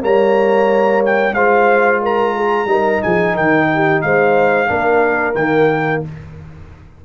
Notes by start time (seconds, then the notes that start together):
0.00 G3 A#3 C#5 A#5
1.05 G5
1.33 G#3 F4 C5 F5
2.02 A#4 A#5
2.36 G#4
2.66 G3 D#4 A#4
3.03 F3 G#4 G#5
3.35 D#3 A#4 G5
3.74 G4
4.02 G#3 C5 F5
4.67 A#3 D4 A#4
5.35 D#3 A#3 G5